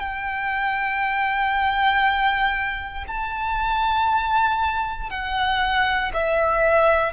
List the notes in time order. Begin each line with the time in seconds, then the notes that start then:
0.00 G5
3.08 A5
5.10 F#5
6.14 E5